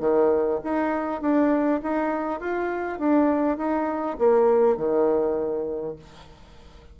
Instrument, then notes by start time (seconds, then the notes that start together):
bassoon
0.00 D#3
0.64 D#4
1.21 D4
1.83 D#4
2.40 F4
2.99 D4
3.58 D#4
4.19 A#3
4.77 D#3